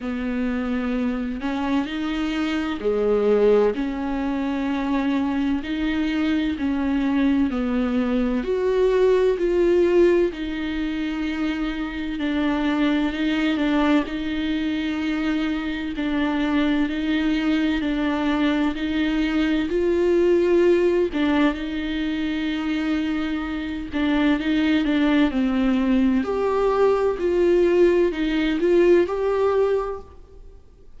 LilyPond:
\new Staff \with { instrumentName = "viola" } { \time 4/4 \tempo 4 = 64 b4. cis'8 dis'4 gis4 | cis'2 dis'4 cis'4 | b4 fis'4 f'4 dis'4~ | dis'4 d'4 dis'8 d'8 dis'4~ |
dis'4 d'4 dis'4 d'4 | dis'4 f'4. d'8 dis'4~ | dis'4. d'8 dis'8 d'8 c'4 | g'4 f'4 dis'8 f'8 g'4 | }